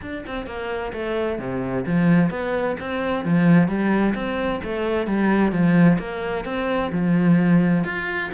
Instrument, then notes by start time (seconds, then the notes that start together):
cello
0.01 D4
0.26 C4
0.46 A#3
0.92 A3
1.38 C3
1.86 F3
2.30 B3
2.79 C4
3.25 F3
3.68 G3
4.14 C4
4.63 A3
5.06 G3
5.52 F3
5.98 A#3
6.44 C4
6.91 F3
7.84 F4